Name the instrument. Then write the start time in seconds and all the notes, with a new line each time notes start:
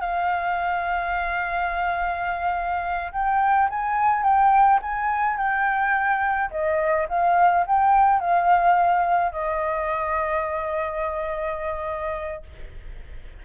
flute
0.00 F5
3.12 G5
3.69 G#5
4.23 G5
4.81 G#5
5.37 G5
6.50 D#5
7.09 F5
7.66 G5
8.19 F5
9.32 D#5